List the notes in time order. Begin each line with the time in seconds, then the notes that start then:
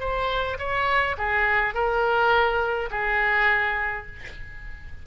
0.00 C5
0.59 C#5
1.18 G#4
1.74 A#4
2.91 G#4